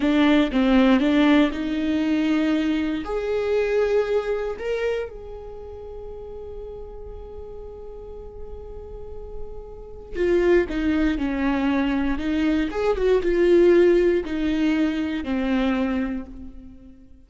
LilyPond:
\new Staff \with { instrumentName = "viola" } { \time 4/4 \tempo 4 = 118 d'4 c'4 d'4 dis'4~ | dis'2 gis'2~ | gis'4 ais'4 gis'2~ | gis'1~ |
gis'1 | f'4 dis'4 cis'2 | dis'4 gis'8 fis'8 f'2 | dis'2 c'2 | }